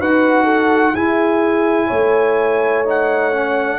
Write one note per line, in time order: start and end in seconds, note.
0.00 0.95 D#4
0.00 0.95 F#4
0.00 0.44 B4
0.00 0.96 F#5
0.44 0.92 A4
0.94 1.91 E4
0.94 2.86 E4
0.94 1.88 G#4
0.94 2.86 G#5
1.88 3.80 A3
1.88 3.78 C#5
2.86 3.33 D#4
2.86 3.80 F#5
3.33 3.80 C#4